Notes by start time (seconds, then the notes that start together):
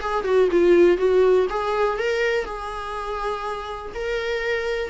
0.00 G#4
0.24 F#4
0.51 F4
0.97 F#4
1.49 G#4
1.98 A#4
2.45 G#4
3.94 A#4